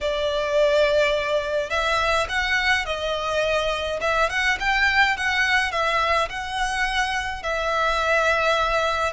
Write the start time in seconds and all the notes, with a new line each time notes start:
0.00 D5
1.70 E5
2.28 F#5
2.85 D#5
4.01 E5
4.29 F#5
4.59 G5
5.16 F#5
5.71 E5
6.29 F#5
7.42 E5